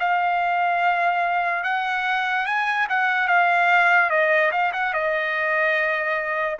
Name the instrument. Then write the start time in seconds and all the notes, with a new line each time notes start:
trumpet
0.00 F5
1.64 F#5
2.47 G#5
2.90 F#5
3.28 F5
4.10 D#5
4.52 F5
4.73 F#5
4.94 D#5